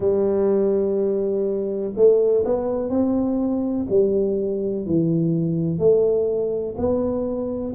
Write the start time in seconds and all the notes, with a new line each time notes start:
0.00 G3
1.96 A3
2.45 B3
2.89 C4
3.89 G3
4.86 E3
5.78 A3
6.77 B3